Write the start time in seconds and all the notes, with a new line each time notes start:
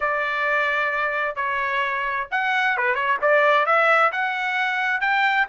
0.00 D5
1.35 C#5
2.31 F#5
2.77 B4
2.94 C#5
3.21 D5
3.65 E5
4.11 F#5
5.00 G5